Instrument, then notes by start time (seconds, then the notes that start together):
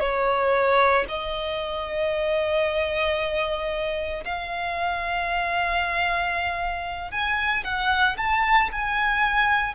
violin
0.00 C#5
1.08 D#5
4.24 F5
7.11 G#5
7.64 F#5
8.17 A5
8.72 G#5